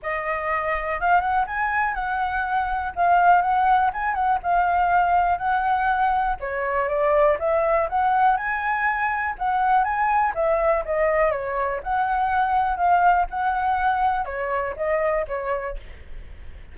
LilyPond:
\new Staff \with { instrumentName = "flute" } { \time 4/4 \tempo 4 = 122 dis''2 f''8 fis''8 gis''4 | fis''2 f''4 fis''4 | gis''8 fis''8 f''2 fis''4~ | fis''4 cis''4 d''4 e''4 |
fis''4 gis''2 fis''4 | gis''4 e''4 dis''4 cis''4 | fis''2 f''4 fis''4~ | fis''4 cis''4 dis''4 cis''4 | }